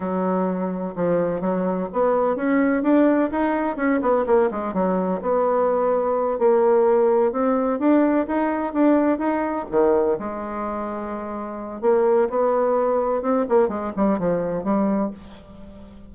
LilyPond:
\new Staff \with { instrumentName = "bassoon" } { \time 4/4 \tempo 4 = 127 fis2 f4 fis4 | b4 cis'4 d'4 dis'4 | cis'8 b8 ais8 gis8 fis4 b4~ | b4. ais2 c'8~ |
c'8 d'4 dis'4 d'4 dis'8~ | dis'8 dis4 gis2~ gis8~ | gis4 ais4 b2 | c'8 ais8 gis8 g8 f4 g4 | }